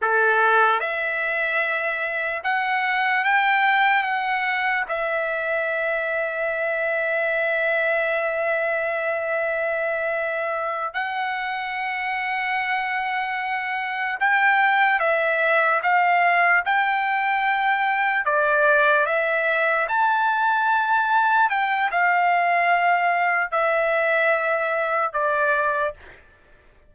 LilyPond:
\new Staff \with { instrumentName = "trumpet" } { \time 4/4 \tempo 4 = 74 a'4 e''2 fis''4 | g''4 fis''4 e''2~ | e''1~ | e''4. fis''2~ fis''8~ |
fis''4. g''4 e''4 f''8~ | f''8 g''2 d''4 e''8~ | e''8 a''2 g''8 f''4~ | f''4 e''2 d''4 | }